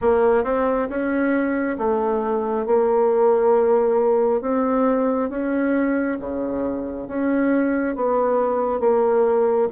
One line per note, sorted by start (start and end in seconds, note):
0.01 0.44 A#3
0.44 0.88 C4
0.89 1.77 C#4
1.78 2.66 A3
2.66 4.41 A#3
4.41 5.29 C4
5.29 6.17 C#4
6.20 7.07 C#3
7.07 7.95 C#4
7.95 8.80 B3
8.80 9.68 A#3